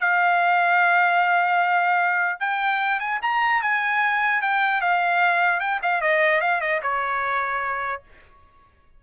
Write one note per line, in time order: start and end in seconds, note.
0.00 2.40 F5
2.40 3.00 G5
3.00 3.20 G#5
3.22 3.62 A#5
3.62 4.42 G#5
4.42 4.81 G5
4.81 5.60 F5
5.60 5.80 G5
5.82 6.01 F5
6.01 6.41 D#5
6.41 6.61 F5
6.61 6.81 D#5
6.82 8.02 C#5